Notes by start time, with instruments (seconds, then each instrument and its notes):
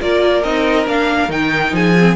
0.00 cello A#3, viola F4, violin A#4 D5
0.43 cello C4, viola D#4, violin D#5
0.85 cello A#3, viola D4, violin F5
1.29 cello D#3, viola D#4, violin G5
1.72 cello F3, violin G#4 G#5
1.99 viola C4